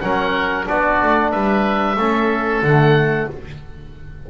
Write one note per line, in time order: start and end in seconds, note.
0.00 0.67 F#3
0.00 0.65 C#4
0.00 0.68 A#4
0.00 0.65 F#5
0.65 1.02 B3
0.65 1.96 D4
0.65 1.31 F#4
0.65 1.31 D5
1.02 1.33 A3
1.31 1.96 G3
1.31 1.96 B4
1.31 2.62 E5
1.96 2.61 A3
1.96 2.65 C#4
1.96 3.29 A4
2.62 3.27 D3
2.62 3.30 A3
2.62 3.29 F#5